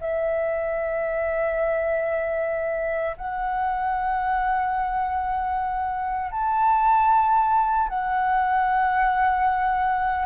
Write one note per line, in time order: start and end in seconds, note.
0.00 3.16 E5
3.17 6.31 F#5
6.31 7.89 A5
7.89 10.25 F#5